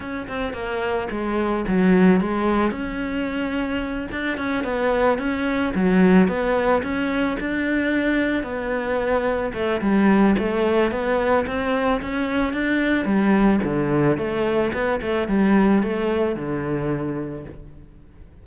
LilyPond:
\new Staff \with { instrumentName = "cello" } { \time 4/4 \tempo 4 = 110 cis'8 c'8 ais4 gis4 fis4 | gis4 cis'2~ cis'8 d'8 | cis'8 b4 cis'4 fis4 b8~ | b8 cis'4 d'2 b8~ |
b4. a8 g4 a4 | b4 c'4 cis'4 d'4 | g4 d4 a4 b8 a8 | g4 a4 d2 | }